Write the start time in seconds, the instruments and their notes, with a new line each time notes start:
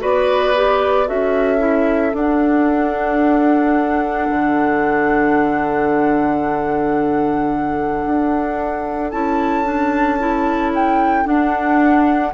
0.00 bassoon B3, clarinet F#4, oboe B4, flute D5
0.55 clarinet G4
1.06 bassoon C#4, clarinet F#4, oboe A4, flute E5
1.58 clarinet E4
2.14 bassoon D4, clarinet D4, flute F#5
4.30 bassoon D3
8.06 bassoon D4
9.10 bassoon C#4, clarinet E4, flute A5
9.64 clarinet D4
10.19 clarinet E4
10.74 flute G5
11.25 clarinet D4, bassoon D4, flute F#5